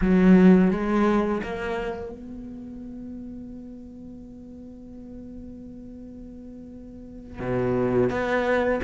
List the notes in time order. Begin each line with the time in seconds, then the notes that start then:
0.01 F#3
0.71 G#3
1.43 A#3
2.11 B3
7.39 B2
8.10 B3